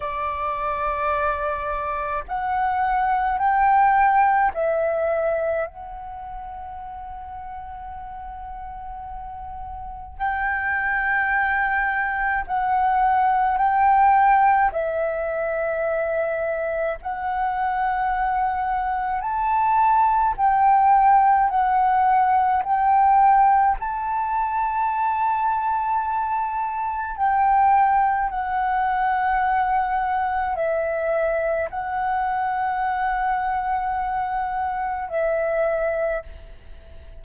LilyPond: \new Staff \with { instrumentName = "flute" } { \time 4/4 \tempo 4 = 53 d''2 fis''4 g''4 | e''4 fis''2.~ | fis''4 g''2 fis''4 | g''4 e''2 fis''4~ |
fis''4 a''4 g''4 fis''4 | g''4 a''2. | g''4 fis''2 e''4 | fis''2. e''4 | }